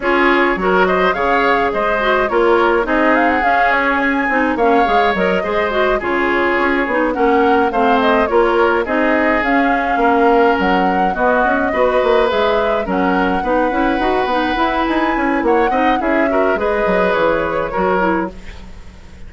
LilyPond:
<<
  \new Staff \with { instrumentName = "flute" } { \time 4/4 \tempo 4 = 105 cis''4. dis''8 f''4 dis''4 | cis''4 dis''8 f''16 fis''16 f''8 cis''8 gis''4 | f''4 dis''4. cis''4.~ | cis''8 fis''4 f''8 dis''8 cis''4 dis''8~ |
dis''8 f''2 fis''4 dis''8~ | dis''4. e''4 fis''4.~ | fis''2 gis''4 fis''4 | e''4 dis''4 cis''2 | }
  \new Staff \with { instrumentName = "oboe" } { \time 4/4 gis'4 ais'8 c''8 cis''4 c''4 | ais'4 gis'2. | cis''4. c''4 gis'4.~ | gis'8 ais'4 c''4 ais'4 gis'8~ |
gis'4. ais'2 fis'8~ | fis'8 b'2 ais'4 b'8~ | b'2. cis''8 dis''8 | gis'8 ais'8 b'2 ais'4 | }
  \new Staff \with { instrumentName = "clarinet" } { \time 4/4 f'4 fis'4 gis'4. fis'8 | f'4 dis'4 cis'4. dis'8 | cis'8 gis'8 ais'8 gis'8 fis'8 f'4. | dis'8 cis'4 c'4 f'4 dis'8~ |
dis'8 cis'2. b8~ | b8 fis'4 gis'4 cis'4 dis'8 | e'8 fis'8 dis'8 e'2 dis'8 | e'8 fis'8 gis'2 fis'8 e'8 | }
  \new Staff \with { instrumentName = "bassoon" } { \time 4/4 cis'4 fis4 cis4 gis4 | ais4 c'4 cis'4. c'8 | ais8 gis8 fis8 gis4 cis4 cis'8 | b8 ais4 a4 ais4 c'8~ |
c'8 cis'4 ais4 fis4 b8 | cis'8 b8 ais8 gis4 fis4 b8 | cis'8 dis'8 b8 e'8 dis'8 cis'8 ais8 c'8 | cis'4 gis8 fis8 e4 fis4 | }
>>